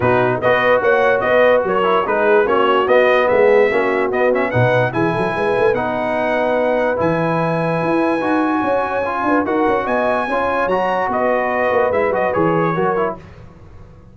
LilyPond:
<<
  \new Staff \with { instrumentName = "trumpet" } { \time 4/4 \tempo 4 = 146 b'4 dis''4 fis''4 dis''4 | cis''4 b'4 cis''4 dis''4 | e''2 dis''8 e''8 fis''4 | gis''2 fis''2~ |
fis''4 gis''2.~ | gis''2. fis''4 | gis''2 ais''4 dis''4~ | dis''4 e''8 dis''8 cis''2 | }
  \new Staff \with { instrumentName = "horn" } { \time 4/4 fis'4 b'4 cis''4 b'4 | ais'4 gis'4 fis'2 | gis'4 fis'2 b'4 | gis'8 a'8 b'2.~ |
b'1~ | b'4 cis''4. b'8 ais'4 | dis''4 cis''2 b'4~ | b'2. ais'4 | }
  \new Staff \with { instrumentName = "trombone" } { \time 4/4 dis'4 fis'2.~ | fis'8 e'8 dis'4 cis'4 b4~ | b4 cis'4 b8 cis'8 dis'4 | e'2 dis'2~ |
dis'4 e'2. | fis'2 f'4 fis'4~ | fis'4 f'4 fis'2~ | fis'4 e'8 fis'8 gis'4 fis'8 e'8 | }
  \new Staff \with { instrumentName = "tuba" } { \time 4/4 b,4 b4 ais4 b4 | fis4 gis4 ais4 b4 | gis4 ais4 b4 b,4 | e8 fis8 gis8 a8 b2~ |
b4 e2 e'4 | dis'4 cis'4. d'8 dis'8 cis'8 | b4 cis'4 fis4 b4~ | b8 ais8 gis8 fis8 e4 fis4 | }
>>